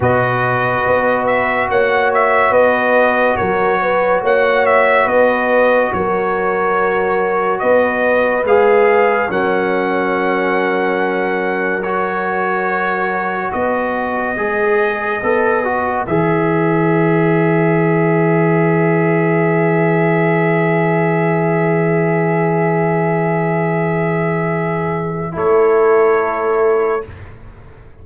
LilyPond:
<<
  \new Staff \with { instrumentName = "trumpet" } { \time 4/4 \tempo 4 = 71 dis''4. e''8 fis''8 e''8 dis''4 | cis''4 fis''8 e''8 dis''4 cis''4~ | cis''4 dis''4 f''4 fis''4~ | fis''2 cis''2 |
dis''2. e''4~ | e''1~ | e''1~ | e''2 cis''2 | }
  \new Staff \with { instrumentName = "horn" } { \time 4/4 b'2 cis''4 b'4 | ais'8 b'8 cis''4 b'4 ais'4~ | ais'4 b'2 ais'4~ | ais'1 |
b'1~ | b'1~ | b'1~ | b'2 a'2 | }
  \new Staff \with { instrumentName = "trombone" } { \time 4/4 fis'1~ | fis'1~ | fis'2 gis'4 cis'4~ | cis'2 fis'2~ |
fis'4 gis'4 a'8 fis'8 gis'4~ | gis'1~ | gis'1~ | gis'2 e'2 | }
  \new Staff \with { instrumentName = "tuba" } { \time 4/4 b,4 b4 ais4 b4 | fis4 ais4 b4 fis4~ | fis4 b4 gis4 fis4~ | fis1 |
b4 gis4 b4 e4~ | e1~ | e1~ | e2 a2 | }
>>